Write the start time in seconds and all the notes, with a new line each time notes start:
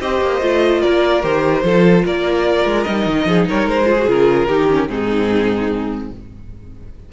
0.00 C4 G4 C5 D#5
0.21 A#3
0.41 A3 F4
0.82 A#3 A#4 D5
1.22 D#3 G4 C5
1.63 F3 F4 A4
2.05 A#3 A#4 D5
2.65 G#3
2.83 G3 D#4 D#5
3.06 D#3
3.26 F3 G#4
3.48 G3 A#4 C#5
3.66 G#3 C5
3.86 F4 G#4
3.98 F#4
4.07 C#3 F4 A#4
4.48 D#3 D#4 G4
4.70 C#4
4.88 G#2 C4 D#4 G#4